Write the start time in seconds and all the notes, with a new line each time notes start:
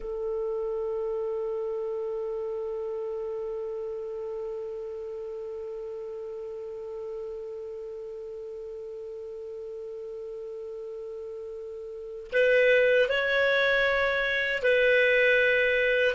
0.00 A4
12.32 B4
13.09 C#5
14.62 B4